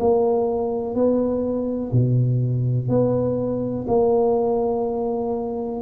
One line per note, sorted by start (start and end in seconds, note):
0.00 0.95 A#3
0.95 1.92 B3
1.93 2.89 B2
2.89 3.86 B3
3.88 5.82 A#3